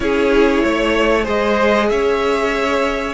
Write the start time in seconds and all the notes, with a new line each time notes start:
0.00 C#4 E4 G#4 C#5
0.63 A3 C#5
1.23 G#3 G#4 C5 D#5
1.89 C#4 C#5 E5